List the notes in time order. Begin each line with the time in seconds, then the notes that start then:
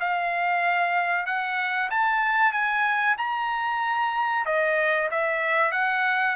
0.00 F5
1.26 F#5
1.90 A5
2.52 G#5
3.18 A#5
4.45 D#5
5.11 E5
5.72 F#5